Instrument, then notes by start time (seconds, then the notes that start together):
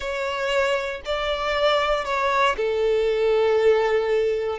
violin
0.00 C#5
1.05 D5
2.04 C#5
2.56 A4